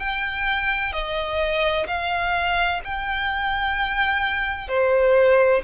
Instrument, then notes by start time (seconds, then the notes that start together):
violin
0.00 G5
0.93 D#5
1.87 F5
2.85 G5
4.69 C5